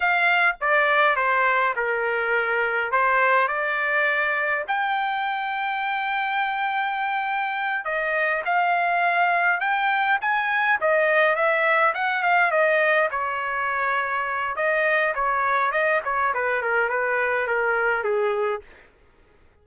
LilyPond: \new Staff \with { instrumentName = "trumpet" } { \time 4/4 \tempo 4 = 103 f''4 d''4 c''4 ais'4~ | ais'4 c''4 d''2 | g''1~ | g''4. dis''4 f''4.~ |
f''8 g''4 gis''4 dis''4 e''8~ | e''8 fis''8 f''8 dis''4 cis''4.~ | cis''4 dis''4 cis''4 dis''8 cis''8 | b'8 ais'8 b'4 ais'4 gis'4 | }